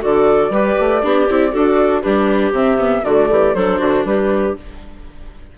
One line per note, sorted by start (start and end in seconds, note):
0.00 0.49 D3
0.00 0.50 F#4
0.00 0.51 A4
0.00 2.01 D5
0.49 0.74 G3
0.49 1.02 G4
0.49 1.01 B4
0.79 1.03 A3
1.02 1.28 B3
1.02 1.27 D4
1.02 1.51 G4
1.30 1.54 C4
1.30 1.51 E4
1.51 2.04 D4
1.51 2.01 F#4
1.51 2.01 A4
2.01 2.51 G3
2.01 2.53 D4
2.01 3.03 G4
2.01 2.52 B4
2.51 3.02 C3
2.51 2.78 C4
2.51 3.04 E5
2.78 3.03 B3
3.03 3.29 D3
3.03 3.56 A3
3.03 3.28 F#4
3.03 3.54 D5
3.30 3.54 E3
3.30 3.55 G4
3.54 3.79 F#3
3.54 4.57 D4
3.54 3.78 A4
3.54 4.04 C5
3.78 4.04 D3
3.78 4.04 F#4
4.04 4.55 G3
4.04 4.56 G4
4.04 4.55 B4